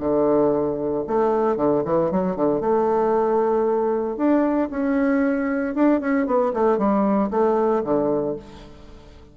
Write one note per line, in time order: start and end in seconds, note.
0.00 1.04 D3
1.07 1.57 A3
1.57 1.83 D3
1.85 2.11 E3
2.12 2.36 F#3
2.36 2.61 D3
2.61 4.17 A3
4.17 4.69 D4
4.71 5.75 C#4
5.75 6.00 D4
6.00 6.27 C#4
6.27 6.53 B3
6.54 6.78 A3
6.78 7.30 G3
7.30 7.83 A3
7.84 8.36 D3